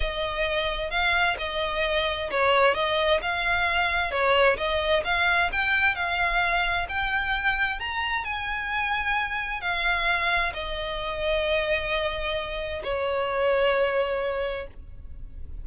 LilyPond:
\new Staff \with { instrumentName = "violin" } { \time 4/4 \tempo 4 = 131 dis''2 f''4 dis''4~ | dis''4 cis''4 dis''4 f''4~ | f''4 cis''4 dis''4 f''4 | g''4 f''2 g''4~ |
g''4 ais''4 gis''2~ | gis''4 f''2 dis''4~ | dis''1 | cis''1 | }